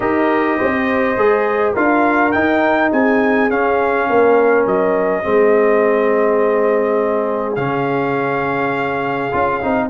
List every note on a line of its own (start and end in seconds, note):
0.00 0.58 D#4
0.00 1.16 G4
0.00 0.57 A#4
0.00 1.73 D#5
0.57 1.17 C4
0.57 1.73 C5
1.17 1.75 G#3
1.17 1.75 G#4
1.73 2.34 D4
1.73 2.33 F4
1.73 2.90 A#4
1.73 2.31 F5
2.31 3.49 D#4
2.31 2.92 D#4
2.31 2.90 G5
2.91 3.50 C4
2.91 4.08 G#4
2.91 3.50 G#5
3.49 5.23 C#4
3.49 4.08 C#4
3.49 4.66 F5
4.08 4.66 A#3
4.08 5.23 A#4
4.66 5.24 F#3
4.66 7.55 D#5
5.23 7.56 G#3
5.23 7.56 C4
5.23 9.89 G#4
7.55 9.31 C#3
7.55 9.31 C#4
7.55 9.88 F5
9.31 9.62 C#4
9.31 9.60 F4
9.61 9.89 C4
9.61 9.89 D#4